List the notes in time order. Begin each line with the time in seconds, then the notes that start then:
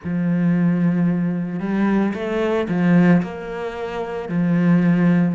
0.03 F3
1.59 G3
2.14 A3
2.68 F3
3.22 A#3
4.29 F3